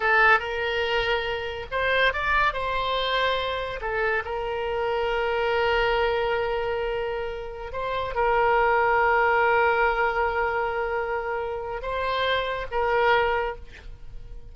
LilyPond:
\new Staff \with { instrumentName = "oboe" } { \time 4/4 \tempo 4 = 142 a'4 ais'2. | c''4 d''4 c''2~ | c''4 a'4 ais'2~ | ais'1~ |
ais'2~ ais'16 c''4 ais'8.~ | ais'1~ | ais'1 | c''2 ais'2 | }